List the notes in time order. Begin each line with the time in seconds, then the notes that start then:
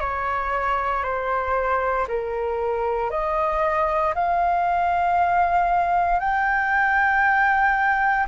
0.00 C#5
1.03 C5
2.08 A#4
3.10 D#5
4.15 F5
6.19 G5